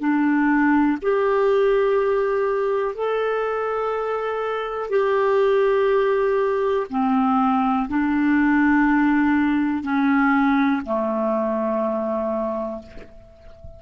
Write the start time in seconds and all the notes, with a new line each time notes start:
0.00 D4
1.02 G4
2.96 A4
4.91 G4
6.91 C4
7.90 D4
9.84 C#4
10.86 A3